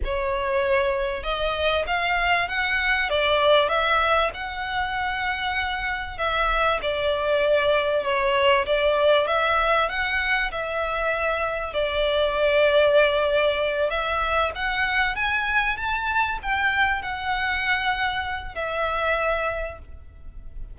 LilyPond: \new Staff \with { instrumentName = "violin" } { \time 4/4 \tempo 4 = 97 cis''2 dis''4 f''4 | fis''4 d''4 e''4 fis''4~ | fis''2 e''4 d''4~ | d''4 cis''4 d''4 e''4 |
fis''4 e''2 d''4~ | d''2~ d''8 e''4 fis''8~ | fis''8 gis''4 a''4 g''4 fis''8~ | fis''2 e''2 | }